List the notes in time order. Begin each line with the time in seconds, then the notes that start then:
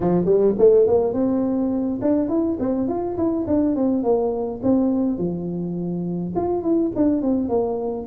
0.00 F3
0.25 G3
0.58 A3
0.87 A#3
1.13 C4
2.01 D4
2.28 E4
2.59 C4
2.88 F4
3.17 E4
3.47 D4
3.75 C4
4.03 A#3
4.62 C4
5.18 F3
6.35 F4
6.62 E4
6.95 D4
7.21 C4
7.48 A#3